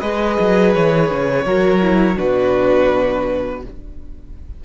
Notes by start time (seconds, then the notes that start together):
0.00 G#3 G#4 B4 D#5
0.40 F#3
0.75 E3 C#5
1.11 C#3
1.45 F#3 F#4 A#4
1.82 E4
2.16 B2 D4 F#4 B4